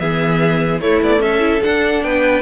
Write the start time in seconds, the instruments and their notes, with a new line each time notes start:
0.00 cello E3, viola B3, violin G#4 E5
0.81 cello A3, viola A3, violin E4 C#5
1.03 cello B3, violin D5
1.20 cello C#4, violin A4 E5
1.40 viola E4
1.64 viola D4, cello D4, violin F#5
2.04 cello B3, violin B4 G5